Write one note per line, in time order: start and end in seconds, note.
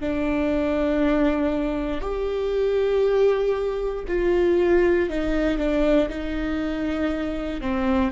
0.00 2.01 D4
2.01 4.04 G4
4.08 5.09 F4
5.09 5.58 D#4
5.58 6.09 D4
6.09 7.61 D#4
7.61 8.12 C4